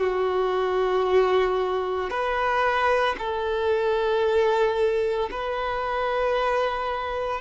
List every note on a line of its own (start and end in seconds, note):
0.00 2.10 F#4
2.10 3.15 B4
3.19 5.29 A4
5.31 7.41 B4